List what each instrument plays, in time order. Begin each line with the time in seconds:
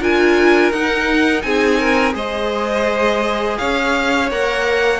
0.00 cello D4, viola F4, violin A#4 G#5
0.72 cello D#4, viola D#4, violin F#5
1.42 cello C4, violin G#4 G#5
1.78 violin A#4
2.12 cello G#3, viola G#4, violin C5 D#5
3.57 cello C#4, violin C#5 F5
4.31 cello A#3, viola A#4, violin F#5